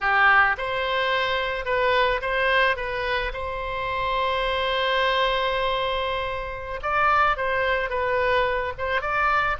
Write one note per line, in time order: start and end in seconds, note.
0.00 0.56 G4
0.57 1.65 C5
1.65 2.20 B4
2.21 2.76 C5
2.76 3.32 B4
3.33 6.80 C5
6.82 7.36 D5
7.36 7.89 C5
7.89 8.73 B4
8.78 9.01 C5
9.01 9.56 D5